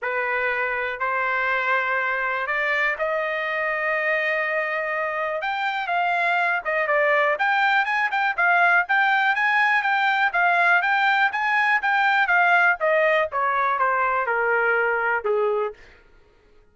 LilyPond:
\new Staff \with { instrumentName = "trumpet" } { \time 4/4 \tempo 4 = 122 b'2 c''2~ | c''4 d''4 dis''2~ | dis''2. g''4 | f''4. dis''8 d''4 g''4 |
gis''8 g''8 f''4 g''4 gis''4 | g''4 f''4 g''4 gis''4 | g''4 f''4 dis''4 cis''4 | c''4 ais'2 gis'4 | }